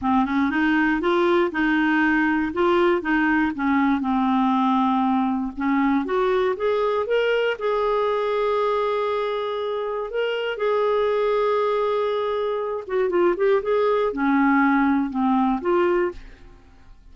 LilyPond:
\new Staff \with { instrumentName = "clarinet" } { \time 4/4 \tempo 4 = 119 c'8 cis'8 dis'4 f'4 dis'4~ | dis'4 f'4 dis'4 cis'4 | c'2. cis'4 | fis'4 gis'4 ais'4 gis'4~ |
gis'1 | ais'4 gis'2.~ | gis'4. fis'8 f'8 g'8 gis'4 | cis'2 c'4 f'4 | }